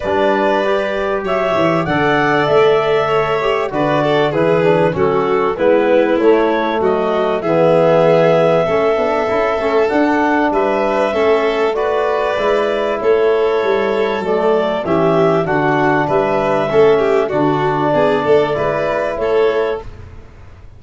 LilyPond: <<
  \new Staff \with { instrumentName = "clarinet" } { \time 4/4 \tempo 4 = 97 d''2 e''4 fis''4 | e''2 d''4 b'4 | a'4 b'4 cis''4 dis''4 | e''1 |
fis''4 e''2 d''4~ | d''4 cis''2 d''4 | e''4 fis''4 e''2 | d''2. cis''4 | }
  \new Staff \with { instrumentName = "violin" } { \time 4/4 b'2 cis''4 d''4~ | d''4 cis''4 b'8 a'8 gis'4 | fis'4 e'2 fis'4 | gis'2 a'2~ |
a'4 b'4 a'4 b'4~ | b'4 a'2. | g'4 fis'4 b'4 a'8 g'8 | fis'4 gis'8 a'8 b'4 a'4 | }
  \new Staff \with { instrumentName = "trombone" } { \time 4/4 d'4 g'2 a'4~ | a'4. g'8 fis'4 e'8 d'8 | cis'4 b4 a2 | b2 cis'8 d'8 e'8 cis'8 |
d'2 cis'4 fis'4 | e'2. a4 | cis'4 d'2 cis'4 | d'2 e'2 | }
  \new Staff \with { instrumentName = "tuba" } { \time 4/4 g2 fis8 e8 d4 | a2 d4 e4 | fis4 gis4 a4 fis4 | e2 a8 b8 cis'8 a8 |
d'4 g4 a2 | gis4 a4 g4 fis4 | e4 d4 g4 a4 | d4 b8 a8 gis4 a4 | }
>>